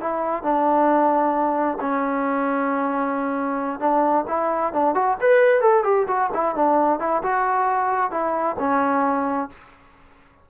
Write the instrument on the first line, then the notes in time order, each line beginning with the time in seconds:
trombone
0.00 E4
0.43 D4
1.80 C#4
3.80 D4
4.28 E4
4.73 D4
4.94 F#4
5.21 B4
5.61 A4
5.84 G4
6.07 F#4
6.34 E4
6.55 D4
6.99 E4
7.23 F#4
8.11 E4
8.59 C#4